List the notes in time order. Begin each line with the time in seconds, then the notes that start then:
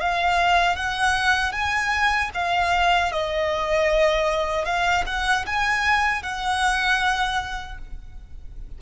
0.00 F5
0.76 F#5
1.52 G#5
2.34 F5
3.12 D#5
4.65 F5
5.06 F#5
5.46 G#5
6.22 F#5